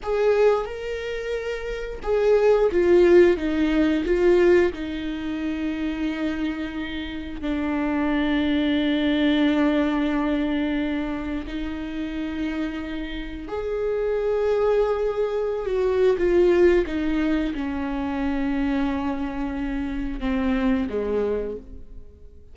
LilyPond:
\new Staff \with { instrumentName = "viola" } { \time 4/4 \tempo 4 = 89 gis'4 ais'2 gis'4 | f'4 dis'4 f'4 dis'4~ | dis'2. d'4~ | d'1~ |
d'4 dis'2. | gis'2.~ gis'16 fis'8. | f'4 dis'4 cis'2~ | cis'2 c'4 gis4 | }